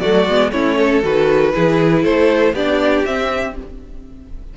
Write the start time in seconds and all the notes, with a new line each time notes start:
0.00 F#3 A3 F#4 D5
0.26 G#3 B3
0.51 A3 C#4 E4 C#5
0.77 A4
1.02 D#3 F#4 B4
1.53 E3 E4 G#4
2.03 A3 A4 C5
2.53 B3 D4 G4 D5
3.05 C4 E5